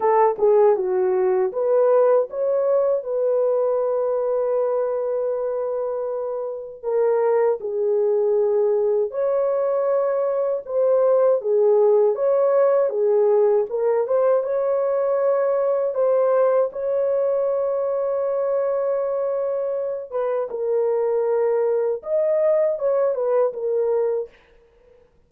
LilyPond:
\new Staff \with { instrumentName = "horn" } { \time 4/4 \tempo 4 = 79 a'8 gis'8 fis'4 b'4 cis''4 | b'1~ | b'4 ais'4 gis'2 | cis''2 c''4 gis'4 |
cis''4 gis'4 ais'8 c''8 cis''4~ | cis''4 c''4 cis''2~ | cis''2~ cis''8 b'8 ais'4~ | ais'4 dis''4 cis''8 b'8 ais'4 | }